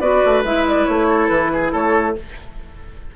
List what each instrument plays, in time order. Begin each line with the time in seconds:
0.00 bassoon B3, clarinet F#4, oboe B4, flute D5
0.25 bassoon A3
0.44 bassoon G#3, clarinet E4, flute E5
0.68 flute D5
0.85 bassoon A3, flute C#5
1.09 oboe A4
1.28 bassoon E3, flute B4
1.53 oboe G#4
1.72 bassoon A3, oboe A4, flute C#5